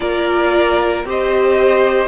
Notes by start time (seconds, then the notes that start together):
0.00 A#3 F4 A#4 D5
1.04 C4 G4 C5 D#5